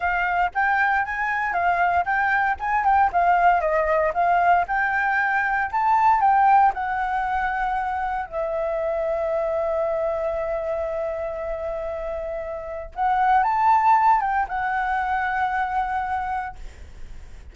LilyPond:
\new Staff \with { instrumentName = "flute" } { \time 4/4 \tempo 4 = 116 f''4 g''4 gis''4 f''4 | g''4 gis''8 g''8 f''4 dis''4 | f''4 g''2 a''4 | g''4 fis''2. |
e''1~ | e''1~ | e''4 fis''4 a''4. g''8 | fis''1 | }